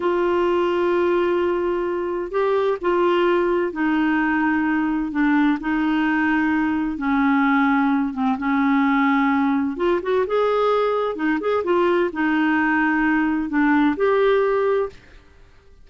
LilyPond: \new Staff \with { instrumentName = "clarinet" } { \time 4/4 \tempo 4 = 129 f'1~ | f'4 g'4 f'2 | dis'2. d'4 | dis'2. cis'4~ |
cis'4. c'8 cis'2~ | cis'4 f'8 fis'8 gis'2 | dis'8 gis'8 f'4 dis'2~ | dis'4 d'4 g'2 | }